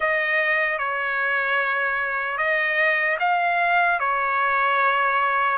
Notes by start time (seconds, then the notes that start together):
0.00 D#5
0.78 C#5
2.37 D#5
3.19 F5
3.99 C#5